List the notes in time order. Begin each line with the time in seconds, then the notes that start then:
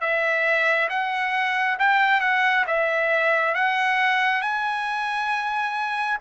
0.00 E5
0.89 F#5
1.79 G5
2.20 F#5
2.66 E5
3.55 F#5
4.41 G#5